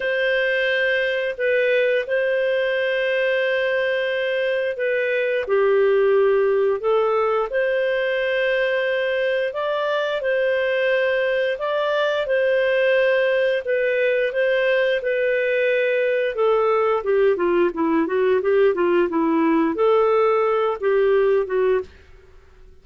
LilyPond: \new Staff \with { instrumentName = "clarinet" } { \time 4/4 \tempo 4 = 88 c''2 b'4 c''4~ | c''2. b'4 | g'2 a'4 c''4~ | c''2 d''4 c''4~ |
c''4 d''4 c''2 | b'4 c''4 b'2 | a'4 g'8 f'8 e'8 fis'8 g'8 f'8 | e'4 a'4. g'4 fis'8 | }